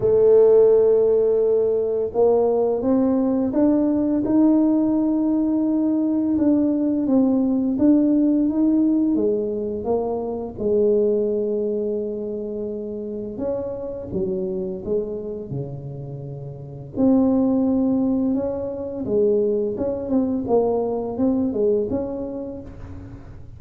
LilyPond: \new Staff \with { instrumentName = "tuba" } { \time 4/4 \tempo 4 = 85 a2. ais4 | c'4 d'4 dis'2~ | dis'4 d'4 c'4 d'4 | dis'4 gis4 ais4 gis4~ |
gis2. cis'4 | fis4 gis4 cis2 | c'2 cis'4 gis4 | cis'8 c'8 ais4 c'8 gis8 cis'4 | }